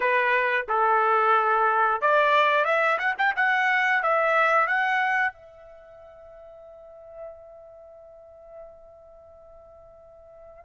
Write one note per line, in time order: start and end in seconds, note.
0.00 0.66 B4
0.68 2.01 A4
2.01 2.65 D5
2.65 2.98 E5
2.98 3.15 F#5
3.18 3.34 G5
3.35 4.02 F#5
4.02 4.67 E5
4.67 5.33 F#5
5.33 10.64 E5